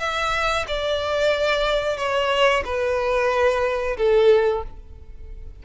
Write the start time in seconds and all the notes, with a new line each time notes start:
0.00 E5
0.68 D5
1.98 C#5
2.65 B4
3.98 A4